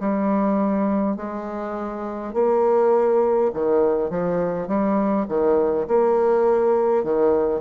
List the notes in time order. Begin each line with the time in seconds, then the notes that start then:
0.00 G3
1.16 G#3
2.33 A#3
3.53 D#3
4.10 F3
4.67 G3
5.28 D#3
5.87 A#3
7.03 D#3